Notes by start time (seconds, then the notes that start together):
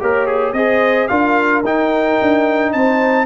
0.00 A#3 G4 A#4 C#5
0.27 G#4
0.53 C4 G#4 C5 D#5
1.08 D4 F4 A#4 F5
1.64 D#4 G5
2.22 D4
2.73 C4 C5 A5